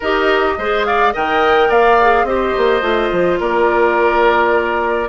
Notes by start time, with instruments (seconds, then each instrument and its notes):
0.00 bassoon D#4, clarinet G4, oboe A#4, flute D#5
0.57 bassoon G#3, clarinet G#4, oboe C5
0.85 oboe D5, flute F5
1.13 bassoon D#3, clarinet A#4, oboe D#5, flute G5
1.68 bassoon A#3, oboe D5, flute F5
2.01 clarinet G#4
2.23 bassoon C4, clarinet G4, oboe C5, flute D#5
2.57 bassoon A#3
2.81 bassoon A3, clarinet F4
3.11 bassoon F3
3.40 bassoon A#3, oboe A#4, flute D5